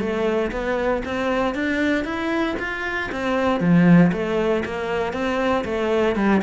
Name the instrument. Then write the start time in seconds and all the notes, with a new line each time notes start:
cello
0.00 A3
0.52 B3
1.05 C4
1.55 D4
2.05 E4
2.59 F4
3.12 C4
3.60 F3
4.13 A3
4.65 A#3
5.13 C4
5.65 A3
6.16 G3